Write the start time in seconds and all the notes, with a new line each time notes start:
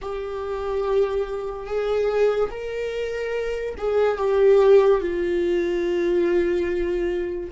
0.01 G4
1.66 G#4
2.50 A#4
3.77 G#4
4.17 G4
5.00 F4